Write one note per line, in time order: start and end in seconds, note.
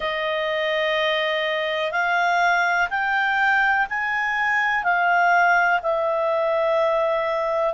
0.00 1.91 D#5
1.91 2.88 F5
2.89 3.86 G5
3.89 4.83 G#5
4.83 5.80 F5
5.82 7.74 E5